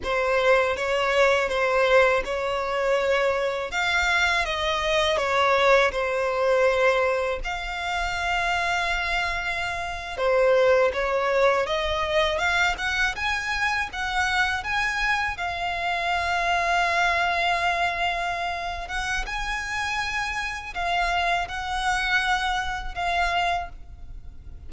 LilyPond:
\new Staff \with { instrumentName = "violin" } { \time 4/4 \tempo 4 = 81 c''4 cis''4 c''4 cis''4~ | cis''4 f''4 dis''4 cis''4 | c''2 f''2~ | f''4.~ f''16 c''4 cis''4 dis''16~ |
dis''8. f''8 fis''8 gis''4 fis''4 gis''16~ | gis''8. f''2.~ f''16~ | f''4. fis''8 gis''2 | f''4 fis''2 f''4 | }